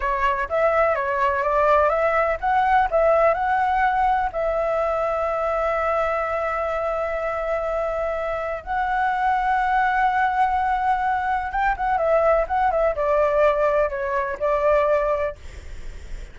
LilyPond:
\new Staff \with { instrumentName = "flute" } { \time 4/4 \tempo 4 = 125 cis''4 e''4 cis''4 d''4 | e''4 fis''4 e''4 fis''4~ | fis''4 e''2.~ | e''1~ |
e''2 fis''2~ | fis''1 | g''8 fis''8 e''4 fis''8 e''8 d''4~ | d''4 cis''4 d''2 | }